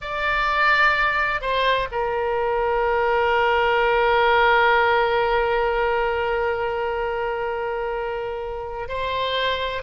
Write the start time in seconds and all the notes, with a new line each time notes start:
0.01 D5
1.41 C5
1.91 A#4
8.88 C5